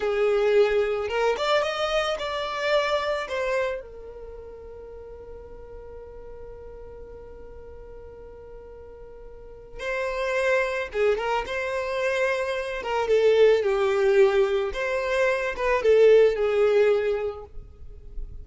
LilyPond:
\new Staff \with { instrumentName = "violin" } { \time 4/4 \tempo 4 = 110 gis'2 ais'8 d''8 dis''4 | d''2 c''4 ais'4~ | ais'1~ | ais'1~ |
ais'2 c''2 | gis'8 ais'8 c''2~ c''8 ais'8 | a'4 g'2 c''4~ | c''8 b'8 a'4 gis'2 | }